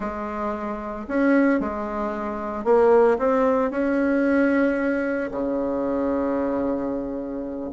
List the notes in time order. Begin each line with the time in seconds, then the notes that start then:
0.00 G#3
1.08 C#4
1.60 G#3
2.64 A#3
3.18 C4
3.70 C#4
5.31 C#3